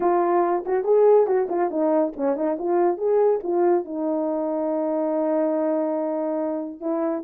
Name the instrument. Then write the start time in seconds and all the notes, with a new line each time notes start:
horn
0.00 F4
0.65 F#4
0.84 G#4
1.26 F#4
1.49 F4
1.70 D#4
2.16 C#4
2.36 D#4
2.58 F4
2.97 G#4
3.43 F4
3.84 D#4
6.80 E4